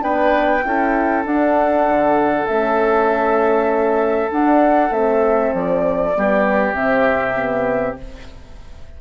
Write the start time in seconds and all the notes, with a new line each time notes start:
0.00 B3 D4 B4 G5
0.65 C#4 E4 A4
1.24 D4 F#5
1.89 D3
2.47 A3 C#4 E5
4.32 D4 F#5
4.91 A3 C4 E5
5.54 F3 D5
6.16 G3 B3 G4
6.74 C3 C4 E5
7.36 B3